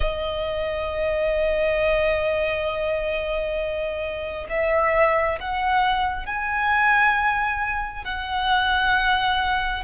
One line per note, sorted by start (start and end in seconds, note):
0.00 4.46 D#5
4.49 5.39 E5
5.40 6.26 F#5
6.26 8.04 G#5
8.04 9.83 F#5